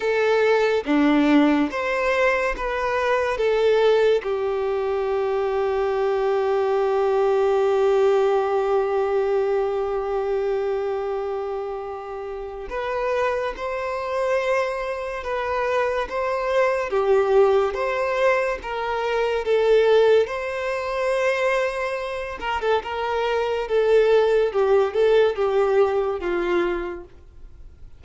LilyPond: \new Staff \with { instrumentName = "violin" } { \time 4/4 \tempo 4 = 71 a'4 d'4 c''4 b'4 | a'4 g'2.~ | g'1~ | g'2. b'4 |
c''2 b'4 c''4 | g'4 c''4 ais'4 a'4 | c''2~ c''8 ais'16 a'16 ais'4 | a'4 g'8 a'8 g'4 f'4 | }